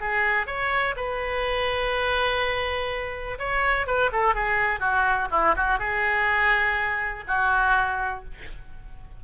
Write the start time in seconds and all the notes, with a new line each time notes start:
0.00 G#4
0.46 C#5
0.96 B4
3.38 C#5
3.86 B4
4.12 A4
4.34 G#4
4.79 F#4
5.30 E4
5.56 F#4
5.79 G#4
7.27 F#4